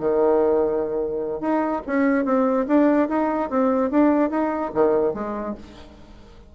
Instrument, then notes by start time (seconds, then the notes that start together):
bassoon
0.00 D#3
1.41 D#4
1.87 C#4
2.25 C4
2.68 D4
3.09 D#4
3.50 C4
3.91 D4
4.30 D#4
4.74 D#3
5.14 G#3